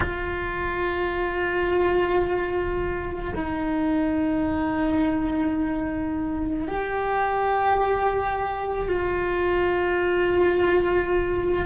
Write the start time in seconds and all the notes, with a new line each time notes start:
0.00 F4
3.34 D#4
6.67 G4
8.88 F4